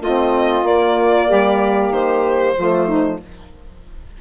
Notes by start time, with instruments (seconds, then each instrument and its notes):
0.00 bassoon A3, saxophone C4 F4, violin D#5
0.63 bassoon A#3, saxophone A#3, violin D5
1.27 bassoon G3, saxophone G4
1.90 bassoon D#3, violin C5
2.57 bassoon F3, saxophone A3 F4
2.87 saxophone D#4